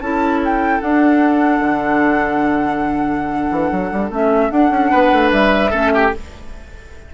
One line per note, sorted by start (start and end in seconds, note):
0.00 0.80 C#4
0.00 0.82 E4
0.00 4.91 A4
0.00 0.40 A5
0.45 0.81 G5
0.81 4.11 D4
0.81 1.60 D4
0.81 4.11 F#5
1.60 3.50 D3
3.51 3.71 E3
3.72 3.92 F#3
3.92 4.10 G3
4.10 4.50 A3
4.10 4.51 C#4
4.10 4.51 E5
4.51 5.71 D4
4.51 4.71 D4
4.51 5.31 F#5
4.71 4.91 C#4
4.91 5.13 B3
4.91 5.71 B4
5.13 5.32 A3
5.32 5.72 G3
5.32 6.12 E5
5.71 6.13 A3
5.71 6.11 C#4
5.71 5.91 A4
5.94 6.14 G4